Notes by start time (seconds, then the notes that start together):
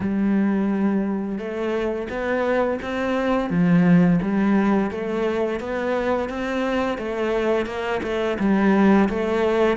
0.00 G3
1.38 A3
2.09 B3
2.82 C4
3.49 F3
4.22 G3
4.91 A3
5.60 B3
6.29 C4
6.98 A3
7.66 A#3
8.02 A3
8.39 G3
9.09 A3